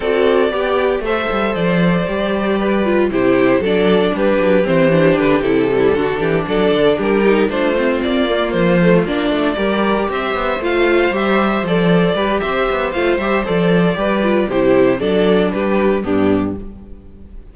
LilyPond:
<<
  \new Staff \with { instrumentName = "violin" } { \time 4/4 \tempo 4 = 116 d''2 e''4 d''4~ | d''2 c''4 d''4 | b'4 c''4 b'8 a'4.~ | a'8 d''4 ais'4 c''4 d''8~ |
d''8 c''4 d''2 e''8~ | e''8 f''4 e''4 d''4. | e''4 f''8 e''8 d''2 | c''4 d''4 b'4 g'4 | }
  \new Staff \with { instrumentName = "violin" } { \time 4/4 a'4 g'4 c''2~ | c''4 b'4 g'4 a'4 | g'2.~ g'16 e'16 fis'8 | g'8 a'4 g'4 f'4.~ |
f'2~ f'8 ais'4 c''8~ | c''2.~ c''8 b'8 | c''2. b'4 | g'4 a'4 g'4 d'4 | }
  \new Staff \with { instrumentName = "viola" } { \time 4/4 fis'4 g'4 a'2 | g'4. f'8 e'4 d'4~ | d'4 c'8 d'4 e'8 g8 d'8~ | d'2 dis'8 d'8 c'4 |
ais4 a8 d'4 g'4.~ | g'8 f'4 g'4 a'4 g'8~ | g'4 f'8 g'8 a'4 g'8 f'8 | e'4 d'2 b4 | }
  \new Staff \with { instrumentName = "cello" } { \time 4/4 c'4 b4 a8 g8 f4 | g2 c4 fis4 | g8 fis8 e4 d8 c4 d8 | e8 fis8 d8 g4 a4 ais8~ |
ais8 f4 ais8 a8 g4 c'8 | b8 a4 g4 f4 g8 | c'8 b8 a8 g8 f4 g4 | c4 fis4 g4 g,4 | }
>>